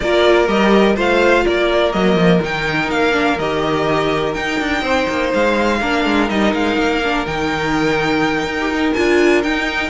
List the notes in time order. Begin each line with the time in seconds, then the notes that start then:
0.00 A#3 F4 A#4 D5
0.47 G3 G4 D#5
0.95 A3 F4 C5 F5
1.45 A#3 A#4 D5
1.92 F#3 A#3 D#5
2.15 F3
2.42 D#3 D#4 G5
2.90 A#3 F5
3.11 D4
3.38 D#3 G4 D#5
4.33 D#4 G5
4.59 D4
4.82 C4 C5
5.09 A#3
5.34 G#3 F5
5.80 A#3 D4 A#4
6.05 G#3
6.28 G3 D#4 D#5
6.53 G#3 F5
6.77 A#3
7.04 D4
7.26 D#3 D#4 G5
8.43 D#4
8.60 G4
8.70 D#4
8.93 D4 F4 G#5
9.43 D#4 G5